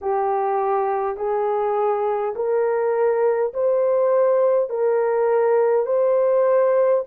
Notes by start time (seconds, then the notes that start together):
0.01 G4
1.17 G#4
2.35 A#4
3.53 C5
4.70 A#4
5.86 C5